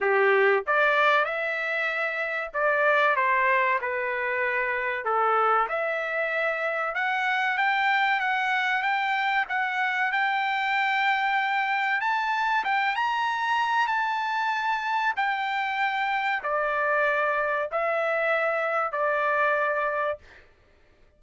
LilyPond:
\new Staff \with { instrumentName = "trumpet" } { \time 4/4 \tempo 4 = 95 g'4 d''4 e''2 | d''4 c''4 b'2 | a'4 e''2 fis''4 | g''4 fis''4 g''4 fis''4 |
g''2. a''4 | g''8 ais''4. a''2 | g''2 d''2 | e''2 d''2 | }